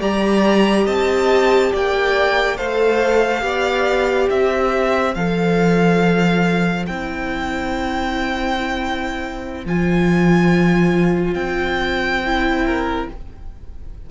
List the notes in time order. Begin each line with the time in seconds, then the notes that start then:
0.00 G3 G4 D5 A#5
0.85 C4 D#5 A5
1.72 A#3 D5 G5
2.57 A3 A4 C5 F5
3.41 B3 G4 D5
4.30 C4 C5 E5
5.15 F3 A4 F5
6.87 C4 E4 G5
9.66 F3 F4 G#5
11.35 C4 G5
12.25 E4
12.66 A#4